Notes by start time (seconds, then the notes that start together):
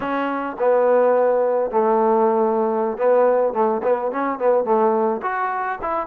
0.00 C#4
0.58 B3
1.71 A3
2.97 B3
3.53 A3
3.83 B3
4.11 C#4
4.38 B3
4.64 A3
5.22 F#4
5.81 E4